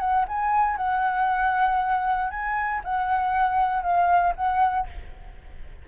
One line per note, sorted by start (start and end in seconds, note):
0.00 0.26 F#5
0.28 0.77 G#5
0.77 2.31 F#5
2.31 2.82 G#5
2.85 3.83 F#5
3.83 4.34 F5
4.36 4.87 F#5